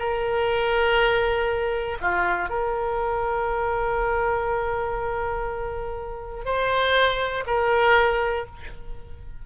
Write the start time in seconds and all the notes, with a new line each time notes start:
0.00 A#4
2.01 F4
2.50 A#4
6.46 C5
7.47 A#4